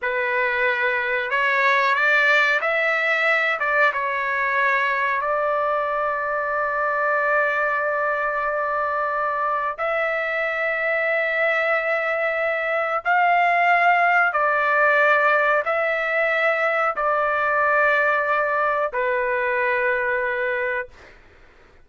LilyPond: \new Staff \with { instrumentName = "trumpet" } { \time 4/4 \tempo 4 = 92 b'2 cis''4 d''4 | e''4. d''8 cis''2 | d''1~ | d''2. e''4~ |
e''1 | f''2 d''2 | e''2 d''2~ | d''4 b'2. | }